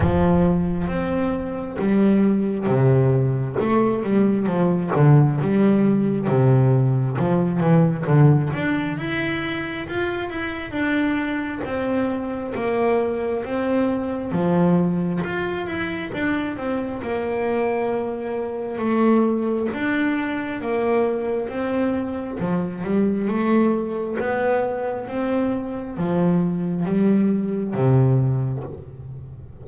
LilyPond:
\new Staff \with { instrumentName = "double bass" } { \time 4/4 \tempo 4 = 67 f4 c'4 g4 c4 | a8 g8 f8 d8 g4 c4 | f8 e8 d8 d'8 e'4 f'8 e'8 | d'4 c'4 ais4 c'4 |
f4 f'8 e'8 d'8 c'8 ais4~ | ais4 a4 d'4 ais4 | c'4 f8 g8 a4 b4 | c'4 f4 g4 c4 | }